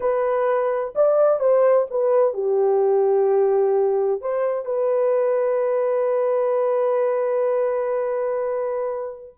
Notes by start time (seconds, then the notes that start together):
0.00 B4
0.95 D5
1.39 C5
1.90 B4
2.33 G4
4.21 C5
4.65 B4